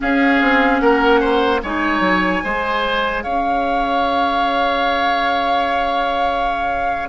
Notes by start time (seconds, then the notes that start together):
0.00 C#4 G#4 F5
0.41 C4
0.79 A#3 A#4 F#5
1.20 C5
1.62 G#3 D#4 C#5 G#5
2.00 F#3
2.43 G#3 G#4 C5
3.22 C#4 C#5 F5